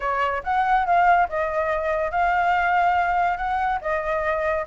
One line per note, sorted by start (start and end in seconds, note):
0.00 0.42 C#5
0.43 0.85 F#5
0.85 1.28 F5
1.28 2.11 D#5
2.11 3.37 F5
3.37 3.79 F#5
3.81 4.65 D#5